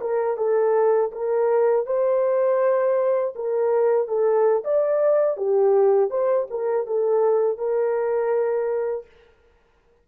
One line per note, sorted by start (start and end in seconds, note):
0.00 0.37 A#4
0.37 1.11 A4
1.11 1.86 A#4
1.86 3.34 C5
3.35 4.07 A#4
4.07 4.63 A4
4.64 5.37 D5
5.37 6.10 G4
6.10 6.47 C5
6.50 6.86 A#4
6.86 7.57 A4
7.57 9.06 A#4